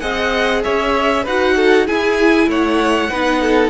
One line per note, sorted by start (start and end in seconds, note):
0.00 0.64 C4
0.00 1.24 G#4
0.00 0.63 D#5
0.00 0.62 F#5
0.63 1.26 C#4
0.63 1.23 C#5
0.63 1.25 E5
1.23 1.88 D#4
1.23 1.87 F#4
1.23 1.54 B4
1.23 1.87 F#5
1.56 1.87 A4
1.87 3.11 E4
1.87 2.47 E4
1.87 2.48 G#4
1.87 2.49 G#5
2.47 3.09 A3
2.47 3.10 C#5
2.47 3.70 F#5
3.10 3.70 B3
3.10 3.70 D#4
3.10 3.41 B4
3.42 3.70 A4